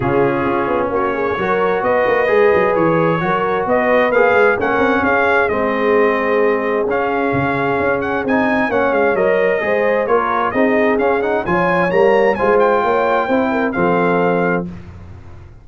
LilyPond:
<<
  \new Staff \with { instrumentName = "trumpet" } { \time 4/4 \tempo 4 = 131 gis'2 cis''2 | dis''2 cis''2 | dis''4 f''4 fis''4 f''4 | dis''2. f''4~ |
f''4. fis''8 gis''4 fis''8 f''8 | dis''2 cis''4 dis''4 | f''8 fis''8 gis''4 ais''4 gis''8 g''8~ | g''2 f''2 | }
  \new Staff \with { instrumentName = "horn" } { \time 4/4 f'2 fis'8 gis'8 ais'4 | b'2. ais'4 | b'2 ais'4 gis'4~ | gis'1~ |
gis'2. cis''4~ | cis''4 c''4 ais'4 gis'4~ | gis'4 cis''2 c''4 | cis''4 c''8 ais'8 a'2 | }
  \new Staff \with { instrumentName = "trombone" } { \time 4/4 cis'2. fis'4~ | fis'4 gis'2 fis'4~ | fis'4 gis'4 cis'2 | c'2. cis'4~ |
cis'2 dis'4 cis'4 | ais'4 gis'4 f'4 dis'4 | cis'8 dis'8 f'4 ais4 f'4~ | f'4 e'4 c'2 | }
  \new Staff \with { instrumentName = "tuba" } { \time 4/4 cis4 cis'8 b8 ais4 fis4 | b8 ais8 gis8 fis8 e4 fis4 | b4 ais8 gis8 ais8 c'8 cis'4 | gis2. cis'4 |
cis4 cis'4 c'4 ais8 gis8 | fis4 gis4 ais4 c'4 | cis'4 f4 g4 gis4 | ais4 c'4 f2 | }
>>